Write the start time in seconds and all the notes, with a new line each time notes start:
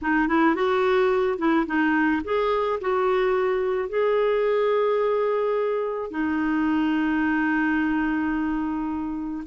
0.02 D#4
0.28 E4
0.55 F#4
1.38 E4
1.66 D#4
2.24 G#4
2.80 F#4
3.88 G#4
6.10 D#4